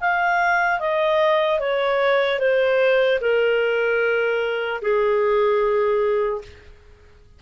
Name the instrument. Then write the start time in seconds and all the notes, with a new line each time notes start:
clarinet
0.00 F5
0.79 D#5
1.59 C#5
2.39 C5
3.20 A#4
4.81 G#4